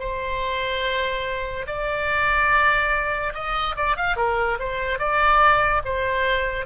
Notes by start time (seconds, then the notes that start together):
0.00 C5
1.67 D5
3.34 D#5
3.77 D5
3.97 F5
4.17 A#4
4.59 C5
4.99 D5
5.85 C5